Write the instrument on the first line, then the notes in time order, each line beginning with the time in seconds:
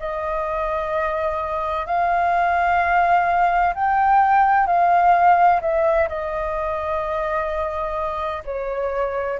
flute
0.00 D#5
1.87 F5
3.75 G5
4.67 F5
5.62 E5
6.09 D#5
8.45 C#5